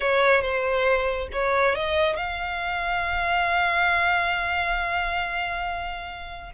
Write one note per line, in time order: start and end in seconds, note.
0.00 0.41 C#5
0.41 1.28 C5
1.32 1.75 C#5
1.75 2.16 D#5
2.16 6.51 F5